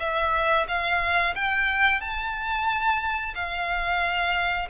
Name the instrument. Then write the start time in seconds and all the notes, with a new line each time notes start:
violin
0.00 E5
0.68 F5
1.35 G5
2.01 A5
3.35 F5